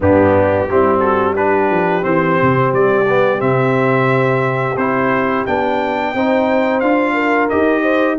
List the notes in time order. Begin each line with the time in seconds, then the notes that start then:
0.00 G2 B3 D4 G4
0.70 G3 C4 E4
0.99 F#4 A4
1.35 D4 G4 B4
1.70 F3
2.02 E3 C4 C5
2.42 C3
2.72 G3 D5
3.08 B3
3.39 C3 C4 E5
4.76 C4 E4 C5
5.46 B3 D4 G5
6.14 C4 D#4 C5
6.80 D4 F4 F5
7.13 A#4
7.49 D#4 G4 D#5
7.82 C5